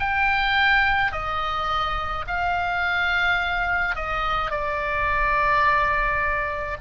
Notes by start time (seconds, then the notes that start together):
0.00 G5
1.12 D#5
2.27 F5
3.96 D#5
4.51 D5